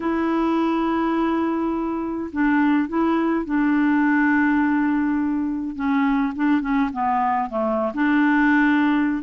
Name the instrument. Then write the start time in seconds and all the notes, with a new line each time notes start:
clarinet
0.00 E4
2.32 D4
2.88 E4
3.45 D4
5.75 C#4
6.35 D4
6.61 C#4
6.92 B3
7.49 A3
7.94 D4